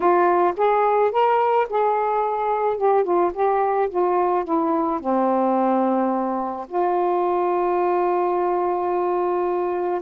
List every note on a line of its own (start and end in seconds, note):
0.00 0.54 F4
0.56 1.11 G#4
1.11 1.67 A#4
1.69 2.77 G#4
2.77 3.04 G4
3.04 3.31 F4
3.33 3.89 G4
3.89 4.44 F4
4.44 4.99 E4
5.00 6.66 C4
6.67 10.01 F4